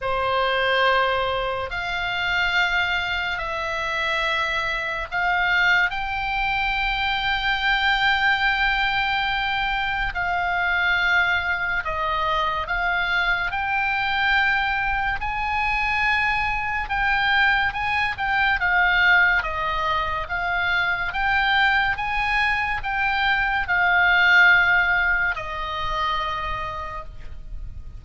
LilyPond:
\new Staff \with { instrumentName = "oboe" } { \time 4/4 \tempo 4 = 71 c''2 f''2 | e''2 f''4 g''4~ | g''1 | f''2 dis''4 f''4 |
g''2 gis''2 | g''4 gis''8 g''8 f''4 dis''4 | f''4 g''4 gis''4 g''4 | f''2 dis''2 | }